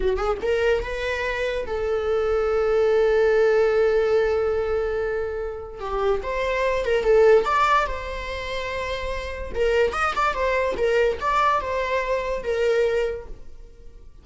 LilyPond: \new Staff \with { instrumentName = "viola" } { \time 4/4 \tempo 4 = 145 fis'8 gis'8 ais'4 b'2 | a'1~ | a'1~ | a'2 g'4 c''4~ |
c''8 ais'8 a'4 d''4 c''4~ | c''2. ais'4 | dis''8 d''8 c''4 ais'4 d''4 | c''2 ais'2 | }